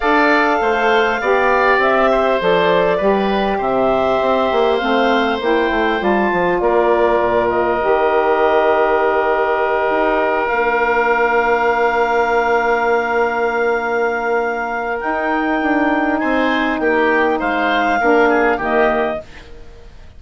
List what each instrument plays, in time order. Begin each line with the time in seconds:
0.00 bassoon D4, saxophone A4, oboe D5, clarinet F5
0.60 bassoon A3, oboe C5
1.21 bassoon B3, saxophone G4, oboe D5
1.78 bassoon C4, clarinet E5
2.10 oboe C5
2.40 bassoon F3, saxophone A4, clarinet D5
2.97 bassoon G3, saxophone G4, oboe B4
3.58 bassoon C3, oboe C5, clarinet E5
4.21 bassoon C4
4.51 bassoon A#3
4.76 bassoon A3, saxophone C4, clarinet F5
5.40 bassoon A#3, saxophone E4, clarinet G5
5.70 bassoon A3
5.98 bassoon G3, saxophone F4, clarinet A5
6.32 bassoon F3
6.60 bassoon A#3, oboe A#4, clarinet D5
7.20 bassoon A#2
7.49 clarinet D#5
7.80 bassoon D#3, saxophone G4
9.89 bassoon D#4
10.47 bassoon A#3, saxophone D4, clarinet F5
14.98 saxophone D#4, bassoon D#4, clarinet G5
15.61 bassoon D4
16.18 bassoon C4, oboe C5, clarinet G#5
16.78 bassoon A#3, oboe G4, clarinet G5
17.39 bassoon G#3, oboe C5, clarinet F5
18.00 bassoon A#3, saxophone D4, oboe A#4
18.29 oboe G#4
18.57 bassoon D#3, saxophone A#3, oboe G4, clarinet D#5